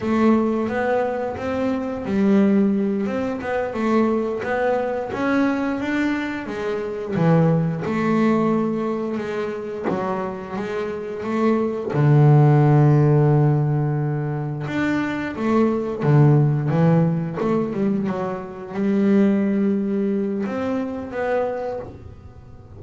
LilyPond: \new Staff \with { instrumentName = "double bass" } { \time 4/4 \tempo 4 = 88 a4 b4 c'4 g4~ | g8 c'8 b8 a4 b4 cis'8~ | cis'8 d'4 gis4 e4 a8~ | a4. gis4 fis4 gis8~ |
gis8 a4 d2~ d8~ | d4. d'4 a4 d8~ | d8 e4 a8 g8 fis4 g8~ | g2 c'4 b4 | }